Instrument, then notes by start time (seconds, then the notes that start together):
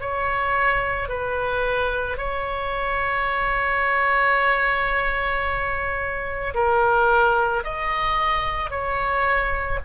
oboe
0.00 C#5
1.09 B4
2.18 C#5
6.54 A#4
7.64 D#5
8.70 C#5